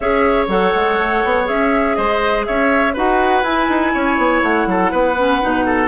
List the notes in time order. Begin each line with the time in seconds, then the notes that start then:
0.00 C#4 G#4 C#5 E5
0.48 F#3 A4 F#5
0.74 G#3
0.98 A3
1.24 B3
1.44 C#4 G#4 E5
1.95 G#3 C5 D#5
2.45 C#4 C#5 E5
2.93 D#4 F#4 B4 F#5
3.43 E4 G#5
3.68 D#4
3.93 C#4 C#5
4.17 B3
4.42 A3 F#5
4.66 F#3 A4
4.91 B3 B4
5.17 C#4
5.41 B2 D#4
5.65 A4